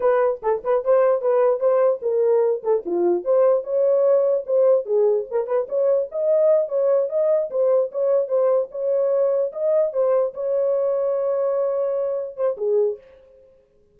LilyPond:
\new Staff \with { instrumentName = "horn" } { \time 4/4 \tempo 4 = 148 b'4 a'8 b'8 c''4 b'4 | c''4 ais'4. a'8 f'4 | c''4 cis''2 c''4 | gis'4 ais'8 b'8 cis''4 dis''4~ |
dis''8 cis''4 dis''4 c''4 cis''8~ | cis''8 c''4 cis''2 dis''8~ | dis''8 c''4 cis''2~ cis''8~ | cis''2~ cis''8 c''8 gis'4 | }